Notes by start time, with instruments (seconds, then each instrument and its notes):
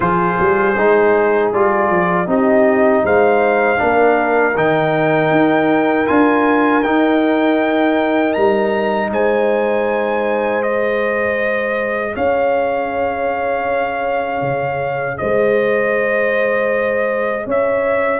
0.00 tuba F3, trombone F4, horn G#4, trumpet C5
0.39 tuba G3
0.77 tuba G#3, trombone D#4
1.53 tuba G3, trombone F4, trumpet D5
1.89 tuba F3
2.27 tuba C4, trombone D#4, horn G4, trumpet D#5
3.03 tuba G#3, horn C5, trumpet F5
3.77 tuba A#3, trombone D4, horn A#4
4.55 tuba D#3, trombone D#4, trumpet G5
5.31 tuba D#4
6.06 tuba D4, trombone F4, trumpet G#5
6.82 trombone D#4, tuba D#4, trumpet G5
8.33 tuba G3, trumpet A#5
9.11 tuba G#3, horn C5, trumpet G#5
10.62 trombone G#4, trumpet D#5
12.14 tuba C#4, horn C#5, trumpet F5
14.41 tuba C#3
15.17 tuba G#3, horn C5, trumpet D#5
17.46 tuba C#4, horn C#5, trumpet E5